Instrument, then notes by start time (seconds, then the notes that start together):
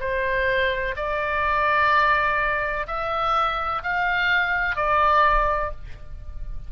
oboe
0.00 C5
0.97 D5
2.87 E5
3.84 F5
4.76 D5